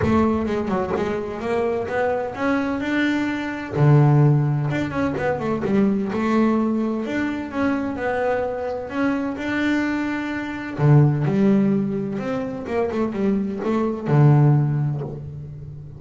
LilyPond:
\new Staff \with { instrumentName = "double bass" } { \time 4/4 \tempo 4 = 128 a4 gis8 fis8 gis4 ais4 | b4 cis'4 d'2 | d2 d'8 cis'8 b8 a8 | g4 a2 d'4 |
cis'4 b2 cis'4 | d'2. d4 | g2 c'4 ais8 a8 | g4 a4 d2 | }